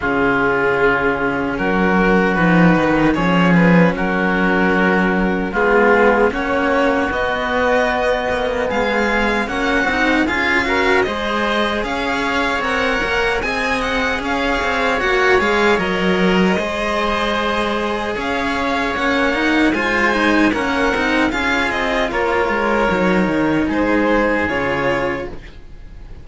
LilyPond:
<<
  \new Staff \with { instrumentName = "violin" } { \time 4/4 \tempo 4 = 76 gis'2 ais'4 b'4 | cis''8 b'8 ais'2 gis'4 | cis''4 dis''2 f''4 | fis''4 f''4 dis''4 f''4 |
fis''4 gis''8 fis''8 f''4 fis''8 f''8 | dis''2. f''4 | fis''4 gis''4 fis''4 f''8 dis''8 | cis''2 c''4 cis''4 | }
  \new Staff \with { instrumentName = "oboe" } { \time 4/4 f'2 fis'2 | gis'4 fis'2 f'4 | fis'2. gis'4 | fis'4 gis'8 ais'8 c''4 cis''4~ |
cis''4 dis''4 cis''2~ | cis''4 c''2 cis''4~ | cis''4 c''4 ais'4 gis'4 | ais'2 gis'2 | }
  \new Staff \with { instrumentName = "cello" } { \time 4/4 cis'2. dis'4 | cis'2. b4 | cis'4 b2. | cis'8 dis'8 f'8 fis'8 gis'2 |
ais'4 gis'2 fis'8 gis'8 | ais'4 gis'2. | cis'8 dis'8 f'8 dis'8 cis'8 dis'8 f'4~ | f'4 dis'2 f'4 | }
  \new Staff \with { instrumentName = "cello" } { \time 4/4 cis2 fis4 f8 dis8 | f4 fis2 gis4 | ais4 b4. ais8 gis4 | ais8 c'8 cis'4 gis4 cis'4 |
c'8 ais8 c'4 cis'8 c'8 ais8 gis8 | fis4 gis2 cis'4 | ais4 gis4 ais8 c'8 cis'8 c'8 | ais8 gis8 fis8 dis8 gis4 cis4 | }
>>